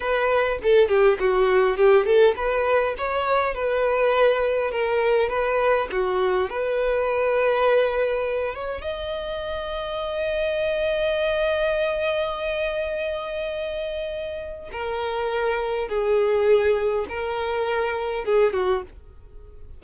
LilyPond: \new Staff \with { instrumentName = "violin" } { \time 4/4 \tempo 4 = 102 b'4 a'8 g'8 fis'4 g'8 a'8 | b'4 cis''4 b'2 | ais'4 b'4 fis'4 b'4~ | b'2~ b'8 cis''8 dis''4~ |
dis''1~ | dis''1~ | dis''4 ais'2 gis'4~ | gis'4 ais'2 gis'8 fis'8 | }